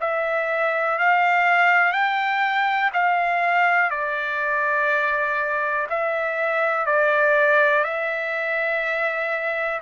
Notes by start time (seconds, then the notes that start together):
0.00 E5
0.98 F5
1.92 G5
2.93 F5
3.90 D5
5.89 E5
6.86 D5
7.84 E5